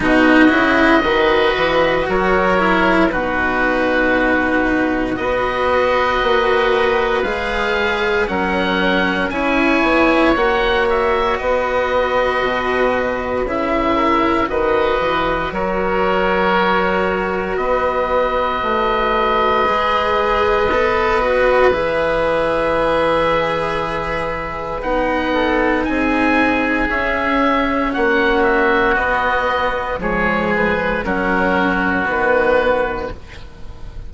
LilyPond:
<<
  \new Staff \with { instrumentName = "oboe" } { \time 4/4 \tempo 4 = 58 dis''2 cis''4 b'4~ | b'4 dis''2 f''4 | fis''4 gis''4 fis''8 e''8 dis''4~ | dis''4 e''4 dis''4 cis''4~ |
cis''4 dis''2.~ | dis''4 e''2. | fis''4 gis''4 e''4 fis''8 e''8 | dis''4 cis''8 b'8 ais'4 b'4 | }
  \new Staff \with { instrumentName = "oboe" } { \time 4/4 fis'4 b'4 ais'4 fis'4~ | fis'4 b'2. | ais'4 cis''2 b'4~ | b'4. ais'8 b'4 ais'4~ |
ais'4 b'2.~ | b'1~ | b'8 a'8 gis'2 fis'4~ | fis'4 gis'4 fis'2 | }
  \new Staff \with { instrumentName = "cello" } { \time 4/4 dis'8 e'8 fis'4. e'8 dis'4~ | dis'4 fis'2 gis'4 | cis'4 e'4 fis'2~ | fis'4 e'4 fis'2~ |
fis'2. gis'4 | a'8 fis'8 gis'2. | dis'2 cis'2 | b4 gis4 cis'4 b4 | }
  \new Staff \with { instrumentName = "bassoon" } { \time 4/4 b,8 cis8 dis8 e8 fis4 b,4~ | b,4 b4 ais4 gis4 | fis4 cis'8 b8 ais4 b4 | b,4 cis4 dis8 e8 fis4~ |
fis4 b4 a4 gis4 | b4 e2. | b4 c'4 cis'4 ais4 | b4 f4 fis4 dis4 | }
>>